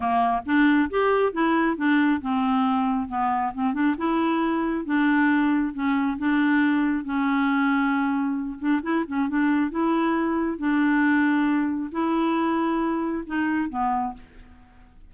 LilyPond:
\new Staff \with { instrumentName = "clarinet" } { \time 4/4 \tempo 4 = 136 ais4 d'4 g'4 e'4 | d'4 c'2 b4 | c'8 d'8 e'2 d'4~ | d'4 cis'4 d'2 |
cis'2.~ cis'8 d'8 | e'8 cis'8 d'4 e'2 | d'2. e'4~ | e'2 dis'4 b4 | }